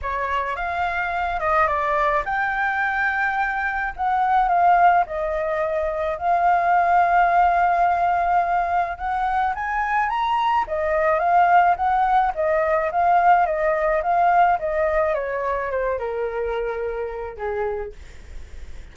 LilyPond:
\new Staff \with { instrumentName = "flute" } { \time 4/4 \tempo 4 = 107 cis''4 f''4. dis''8 d''4 | g''2. fis''4 | f''4 dis''2 f''4~ | f''1 |
fis''4 gis''4 ais''4 dis''4 | f''4 fis''4 dis''4 f''4 | dis''4 f''4 dis''4 cis''4 | c''8 ais'2~ ais'8 gis'4 | }